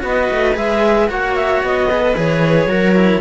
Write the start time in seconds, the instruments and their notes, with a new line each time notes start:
0.00 cello B3 F#4, viola B4
0.07 clarinet D#5
0.32 cello A3
0.55 cello G#3 G#4, clarinet E5
1.08 cello A#3 F#4, viola C#5, clarinet F#5
1.36 clarinet E5
1.63 cello B3, clarinet D#5
1.91 cello G#4, viola B4
2.01 cello A4
2.17 cello E3 G#4, clarinet C#5
2.66 cello F#3 F#4, viola A#4
2.96 cello E4